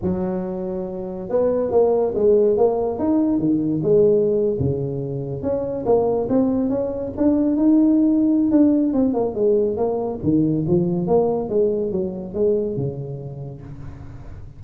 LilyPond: \new Staff \with { instrumentName = "tuba" } { \time 4/4 \tempo 4 = 141 fis2. b4 | ais4 gis4 ais4 dis'4 | dis4 gis4.~ gis16 cis4~ cis16~ | cis8. cis'4 ais4 c'4 cis'16~ |
cis'8. d'4 dis'2~ dis'16 | d'4 c'8 ais8 gis4 ais4 | dis4 f4 ais4 gis4 | fis4 gis4 cis2 | }